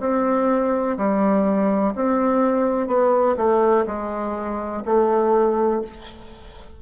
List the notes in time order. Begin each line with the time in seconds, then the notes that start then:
0.00 C4
0.98 G3
1.95 C4
2.87 B3
3.37 A3
3.86 G#3
4.85 A3